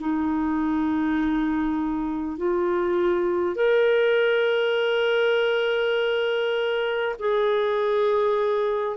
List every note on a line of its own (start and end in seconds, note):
0.00 2.38 D#4
2.38 3.56 F4
3.56 7.16 A#4
7.19 8.97 G#4